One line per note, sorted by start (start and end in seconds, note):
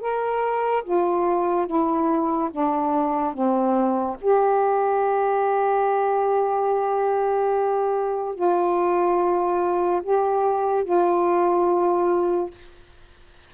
0.00 0.83 A#4
0.84 1.66 F4
1.66 2.50 E4
2.52 3.33 D4
3.33 4.16 C4
4.21 8.35 G4
8.35 10.02 F4
10.03 10.84 G4
10.84 12.50 F4